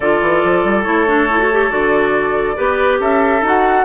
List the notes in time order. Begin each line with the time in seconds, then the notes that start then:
0.00 D3 F4 A4 D5
0.21 E3
0.44 F3
0.64 G3
0.83 A3 E4 C#5
1.07 D4
1.29 E4
1.38 F#4
1.52 G4
1.69 D3 F#4 D5
2.56 B3 G4 B4
3.00 C#4 A4 E5
3.41 D#4 F#4 F#5